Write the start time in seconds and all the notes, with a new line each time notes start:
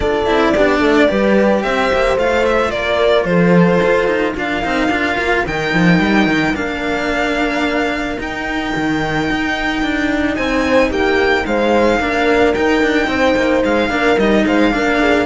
0.00 D4 F4 A4 D5
0.26 C4 E4
0.55 B3 D4 G4
0.80 A3 A4
1.08 G3 G4 B4
1.62 C4 C5 E5
1.93 A#3
2.16 A3 F4 F5
2.45 E5
2.70 A#3 A#4 D5
3.24 F3 A4 C5
3.83 F4
4.06 D#4
4.35 D4 A#4 F5
4.62 C4 D#4
4.89 D4 F4
5.17 A#3
5.46 D#3 D#4 G5
5.73 F3
5.99 G3
6.27 D#3
6.54 A#3 D4 F5
8.18 D#4 G5
8.75 D#3
9.30 D#4
9.82 D4
10.35 C4 C5 G#5
10.89 A#3 G4 G5
11.45 G#3 C5 F5
11.99 A#3 D4 A#4
12.53 D#4 G5
12.82 D4
13.07 C4 C5
13.36 A#3
13.64 G#3 F5
13.89 A#3 D4 A#4
14.17 G3 D#4 D#5
14.46 G#3 C5 F5
14.71 A#3 D4 A#4
15.00 G#4